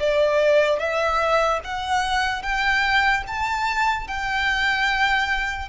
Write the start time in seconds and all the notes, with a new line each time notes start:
0.00 D5
0.80 E5
1.64 F#5
2.43 G5
3.28 A5
4.08 G5